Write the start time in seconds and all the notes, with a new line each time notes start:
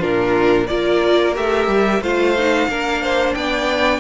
0.00 A#2 D4 F4 A#4
0.67 A#3 F4 A#4 D5
1.35 A3 G4 E5
1.68 G3
2.02 A3 F4 C5 F5
2.38 D#4
2.69 A#3 D4 A#4
3.02 C5
3.35 B3 D5 G5